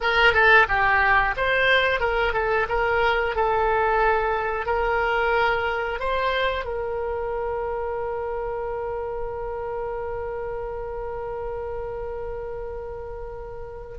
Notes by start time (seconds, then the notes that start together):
0.00 A#4
0.33 A4
0.68 G4
1.36 C5
2.00 A#4
2.33 A4
2.68 A#4
3.35 A4
4.66 A#4
5.99 C5
6.65 A#4